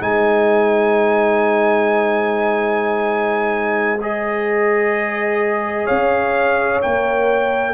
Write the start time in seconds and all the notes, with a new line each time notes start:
0.00 G#3 D#4 C5 G#5
4.02 G#4 D#5
5.84 C#4 C#5 F5
6.83 A#3 A#4 G5